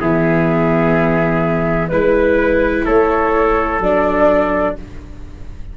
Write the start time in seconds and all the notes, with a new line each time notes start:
0.00 E3 B3 G#4 E5
1.89 G#3 E4 B4
2.86 A3 A4 C#5
3.80 F#3 D4 D5